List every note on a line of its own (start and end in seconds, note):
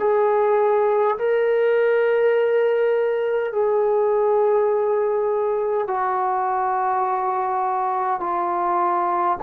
0.00 1.18 G#4
1.18 3.52 A#4
3.52 5.88 G#4
5.88 8.20 F#4
8.20 9.37 F4